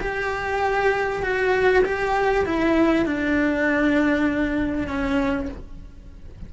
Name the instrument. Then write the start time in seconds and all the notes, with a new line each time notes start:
cello
0.00 G4
1.22 F#4
1.84 G4
2.45 E4
3.05 D4
4.87 C#4